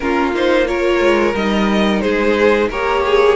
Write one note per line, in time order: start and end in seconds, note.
0.00 1.00 A#3
0.00 0.34 C#4
0.00 0.69 F4
0.00 0.32 A#4
0.34 0.65 D#4
0.34 0.67 C5
0.65 1.33 F4
0.65 2.02 A#4
0.65 1.34 C#5
1.00 1.33 G#3
1.34 2.02 G3
1.34 2.71 D#4
1.34 2.00 D#5
2.00 2.69 G#3
2.00 2.70 G#4
2.00 2.68 C5
2.68 3.36 A#3
2.68 3.36 G4
2.68 3.02 A#4
2.68 3.36 C#5
3.05 3.36 G#4